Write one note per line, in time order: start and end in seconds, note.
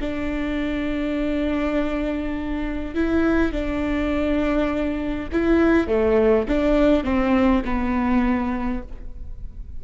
0.00 2.94 D4
2.94 3.52 E4
3.52 5.28 D4
5.32 5.87 E4
5.87 6.46 A3
6.48 7.04 D4
7.04 7.63 C4
7.64 8.82 B3